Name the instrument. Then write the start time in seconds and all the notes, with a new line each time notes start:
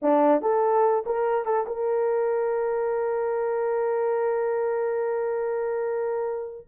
horn
0.02 D4
0.41 A4
1.05 A#4
1.45 A4
1.67 A#4